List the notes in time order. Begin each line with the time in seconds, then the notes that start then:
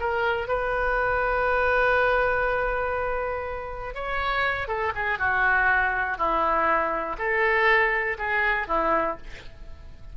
0.00 A#4
0.48 B4
3.95 C#5
4.68 A4
4.95 G#4
5.19 F#4
6.18 E4
7.18 A4
8.18 G#4
8.67 E4